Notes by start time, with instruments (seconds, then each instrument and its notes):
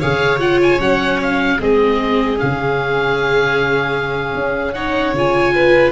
0.00 tuba C#3, viola G#4, violin C#5, oboe F5
0.39 viola F4, oboe F#5
0.62 oboe G#5
0.80 tuba F#3, viola C#4, oboe F#5
1.22 oboe F5
1.59 tuba G#3, viola C4, violin G#4, oboe D#5
2.37 tuba C#3, viola C#4, oboe F5
4.34 tuba C#4
4.73 viola D#4, violin C#5, oboe F#5
5.13 tuba C#3, viola F4, oboe G#5
5.55 violin B4